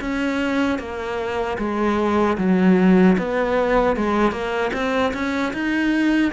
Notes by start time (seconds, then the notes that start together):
0.00 C#4
0.79 A#3
1.58 G#3
2.38 F#3
3.18 B3
3.96 G#3
4.31 A#3
4.73 C4
5.13 C#4
5.53 D#4